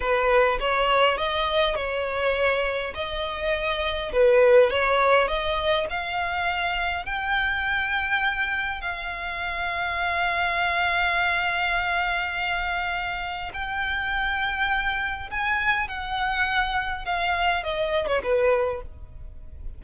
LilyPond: \new Staff \with { instrumentName = "violin" } { \time 4/4 \tempo 4 = 102 b'4 cis''4 dis''4 cis''4~ | cis''4 dis''2 b'4 | cis''4 dis''4 f''2 | g''2. f''4~ |
f''1~ | f''2. g''4~ | g''2 gis''4 fis''4~ | fis''4 f''4 dis''8. cis''16 b'4 | }